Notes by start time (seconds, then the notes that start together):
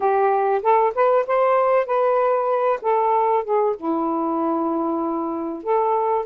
0.00 G4
0.62 A4
0.94 B4
1.26 C5
1.86 B4
2.81 A4
3.44 G#4
3.76 E4
5.62 A4